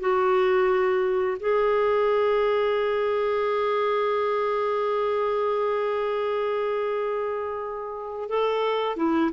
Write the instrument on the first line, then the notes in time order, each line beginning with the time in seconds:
clarinet
0.00 F#4
1.40 G#4
8.29 A4
8.97 E4